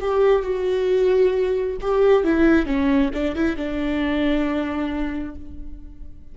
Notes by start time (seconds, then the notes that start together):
0.00 G4
0.42 F#4
1.81 G4
2.23 E4
2.66 C#4
3.13 D4
3.35 E4
3.56 D4